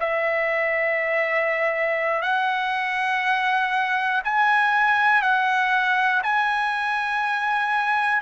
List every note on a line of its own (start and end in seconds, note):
0.00 2.22 E5
2.22 4.22 F#5
4.24 5.22 G#5
5.22 6.22 F#5
6.23 8.21 G#5